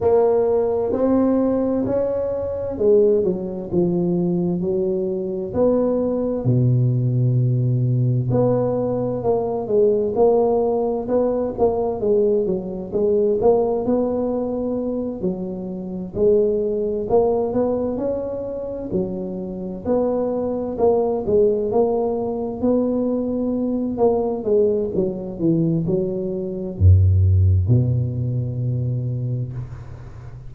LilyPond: \new Staff \with { instrumentName = "tuba" } { \time 4/4 \tempo 4 = 65 ais4 c'4 cis'4 gis8 fis8 | f4 fis4 b4 b,4~ | b,4 b4 ais8 gis8 ais4 | b8 ais8 gis8 fis8 gis8 ais8 b4~ |
b8 fis4 gis4 ais8 b8 cis'8~ | cis'8 fis4 b4 ais8 gis8 ais8~ | ais8 b4. ais8 gis8 fis8 e8 | fis4 fis,4 b,2 | }